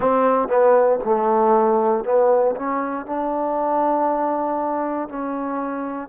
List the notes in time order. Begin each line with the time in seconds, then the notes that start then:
0.00 C4
0.48 B3
1.04 A3
2.04 B3
2.56 C#4
3.06 D4
5.08 C#4